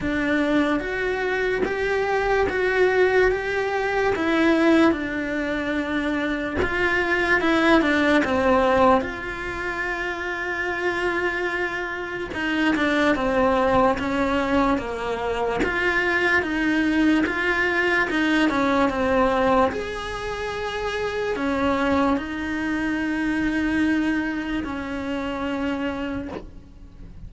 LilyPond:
\new Staff \with { instrumentName = "cello" } { \time 4/4 \tempo 4 = 73 d'4 fis'4 g'4 fis'4 | g'4 e'4 d'2 | f'4 e'8 d'8 c'4 f'4~ | f'2. dis'8 d'8 |
c'4 cis'4 ais4 f'4 | dis'4 f'4 dis'8 cis'8 c'4 | gis'2 cis'4 dis'4~ | dis'2 cis'2 | }